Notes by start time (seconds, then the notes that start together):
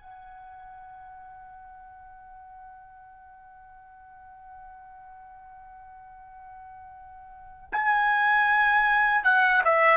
0.00 F#5
7.72 G#5
9.23 F#5
9.64 E5